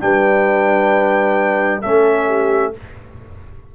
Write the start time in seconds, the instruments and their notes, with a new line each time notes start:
0.00 tuba G3, trombone D4, horn B4, trumpet G5
1.81 tuba A3, trombone C#4, horn A4, trumpet E5
2.27 horn G4